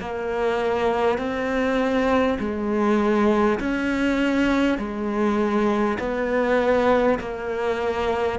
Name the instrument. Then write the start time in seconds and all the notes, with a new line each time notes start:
cello
0.00 A#3
1.18 C4
2.39 G#3
3.59 C#4
4.78 G#3
5.98 B3
7.19 A#3